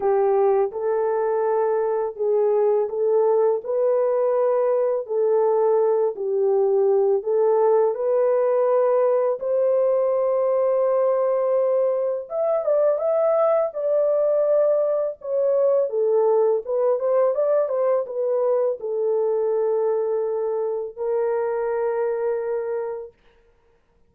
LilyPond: \new Staff \with { instrumentName = "horn" } { \time 4/4 \tempo 4 = 83 g'4 a'2 gis'4 | a'4 b'2 a'4~ | a'8 g'4. a'4 b'4~ | b'4 c''2.~ |
c''4 e''8 d''8 e''4 d''4~ | d''4 cis''4 a'4 b'8 c''8 | d''8 c''8 b'4 a'2~ | a'4 ais'2. | }